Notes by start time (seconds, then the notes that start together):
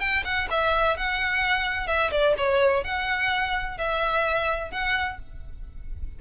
0.00 G5
0.24 F#5
0.50 E5
0.97 F#5
1.87 E5
2.11 D5
2.38 C#5
2.84 F#5
3.78 E5
4.71 F#5